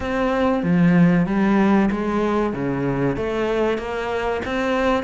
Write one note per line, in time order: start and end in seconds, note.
0.00 0.63 C4
0.63 1.26 F3
1.26 1.89 G3
1.91 2.53 G#3
2.53 3.16 C#3
3.16 3.78 A3
3.78 4.41 A#3
4.45 5.03 C4